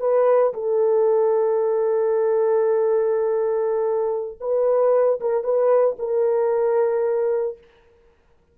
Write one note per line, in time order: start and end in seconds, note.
0.00 0.53 B4
0.54 4.39 A4
4.40 5.20 B4
5.21 5.44 A#4
5.44 5.97 B4
5.99 7.58 A#4